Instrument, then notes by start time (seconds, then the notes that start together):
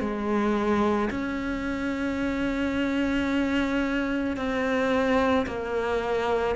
cello
0.00 G#3
1.10 C#4
4.36 C4
5.46 A#3